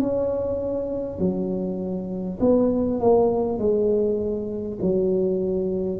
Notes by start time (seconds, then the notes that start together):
0.00 C#4
1.19 F#3
2.41 B3
3.01 A#3
3.58 G#3
4.82 F#3